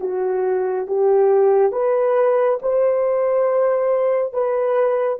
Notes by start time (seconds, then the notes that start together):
0.00 F#4
0.87 G4
1.72 B4
2.62 C5
4.33 B4